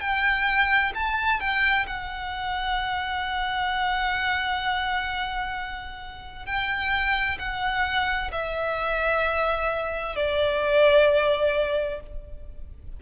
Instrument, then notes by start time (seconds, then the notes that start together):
violin
0.00 G5
0.94 A5
1.40 G5
1.86 F#5
6.45 G5
7.38 F#5
8.32 E5
10.15 D5